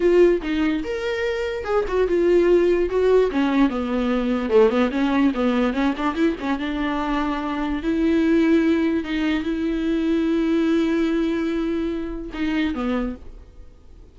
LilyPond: \new Staff \with { instrumentName = "viola" } { \time 4/4 \tempo 4 = 146 f'4 dis'4 ais'2 | gis'8 fis'8 f'2 fis'4 | cis'4 b2 a8 b8 | cis'4 b4 cis'8 d'8 e'8 cis'8 |
d'2. e'4~ | e'2 dis'4 e'4~ | e'1~ | e'2 dis'4 b4 | }